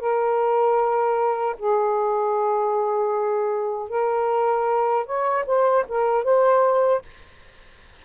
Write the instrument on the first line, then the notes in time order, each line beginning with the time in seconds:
saxophone
0.00 A#4
1.58 G#4
3.89 A#4
5.06 C#5
5.46 C5
5.88 A#4
6.24 C5